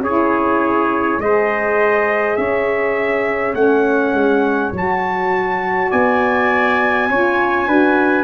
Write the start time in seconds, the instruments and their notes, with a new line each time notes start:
0.00 tuba C#4, saxophone E4, trumpet G#4 C#5
1.18 tuba G#3, saxophone G#4, trumpet C5 D#5
2.36 tuba C#4, trumpet C#5 E5
3.54 tuba A3, saxophone C#4, trumpet F#5
4.13 tuba G#3
4.72 tuba F#3, saxophone F#4, trumpet A5
5.90 tuba B3, trumpet D5 G#5
7.09 tuba C#4, saxophone F4, trumpet C#5
7.66 tuba D4, saxophone F#4, trumpet B4